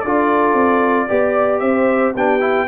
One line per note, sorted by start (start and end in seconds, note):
0.00 0.54 D4
0.00 1.08 F4
0.00 1.07 A4
0.00 1.59 D5
0.54 1.07 C4
1.07 1.61 B3
1.07 2.14 G4
1.07 1.60 D5
1.59 2.14 C4
1.59 2.13 C5
1.59 2.12 E5
2.13 2.68 B3
2.13 2.40 D4
2.13 2.66 G4
2.13 2.68 G5
2.40 2.66 E4